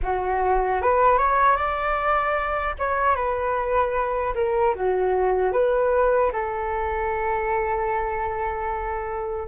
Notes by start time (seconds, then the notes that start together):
0.03 F#4
0.81 B4
1.18 C#5
1.56 D5
2.78 C#5
3.15 B4
4.35 A#4
4.75 F#4
5.52 B4
6.32 A4